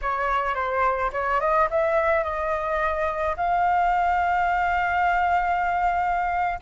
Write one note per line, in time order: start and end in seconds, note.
0.01 0.54 C#5
0.54 1.10 C5
1.12 1.40 C#5
1.40 1.68 D#5
1.70 2.23 E5
2.23 3.35 D#5
3.36 6.59 F5